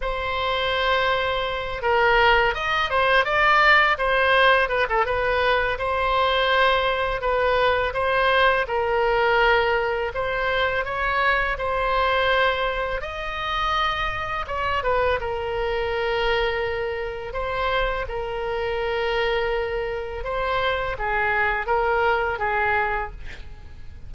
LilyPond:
\new Staff \with { instrumentName = "oboe" } { \time 4/4 \tempo 4 = 83 c''2~ c''8 ais'4 dis''8 | c''8 d''4 c''4 b'16 a'16 b'4 | c''2 b'4 c''4 | ais'2 c''4 cis''4 |
c''2 dis''2 | cis''8 b'8 ais'2. | c''4 ais'2. | c''4 gis'4 ais'4 gis'4 | }